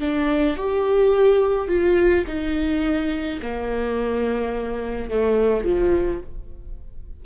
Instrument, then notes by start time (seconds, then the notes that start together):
viola
0.00 D4
0.57 G4
1.68 F4
2.27 D#4
3.42 A#3
5.10 A3
5.64 F3